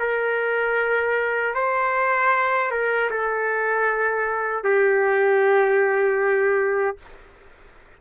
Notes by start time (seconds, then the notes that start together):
0.00 A#4
1.55 C5
2.71 A#4
3.11 A4
4.64 G4